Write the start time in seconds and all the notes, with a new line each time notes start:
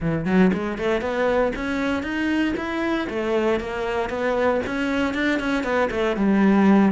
0.00 E3
0.25 F#3
0.53 G#3
0.78 A3
1.01 B3
1.55 C#4
2.02 D#4
2.56 E4
3.09 A3
3.60 A#3
4.09 B3
4.66 C#4
5.14 D4
5.39 C#4
5.63 B3
5.90 A3
6.16 G3